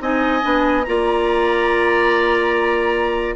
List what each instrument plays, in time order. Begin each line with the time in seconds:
0.00 bassoon C4, clarinet D#4, oboe D#5, flute G#5
0.42 bassoon B3, clarinet D4
0.83 bassoon A#3, clarinet F4, oboe D5, flute A#5